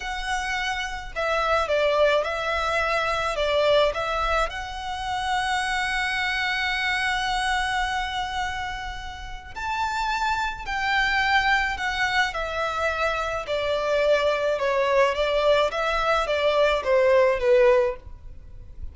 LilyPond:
\new Staff \with { instrumentName = "violin" } { \time 4/4 \tempo 4 = 107 fis''2 e''4 d''4 | e''2 d''4 e''4 | fis''1~ | fis''1~ |
fis''4 a''2 g''4~ | g''4 fis''4 e''2 | d''2 cis''4 d''4 | e''4 d''4 c''4 b'4 | }